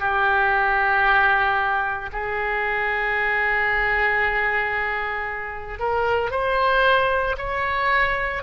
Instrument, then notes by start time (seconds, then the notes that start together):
oboe
0.00 G4
2.13 G#4
5.79 A#4
6.31 C5
7.38 C#5